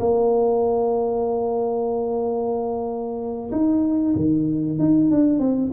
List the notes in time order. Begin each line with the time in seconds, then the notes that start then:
0.00 A#3
3.52 D#4
4.16 D#3
4.79 D#4
5.11 D4
5.40 C4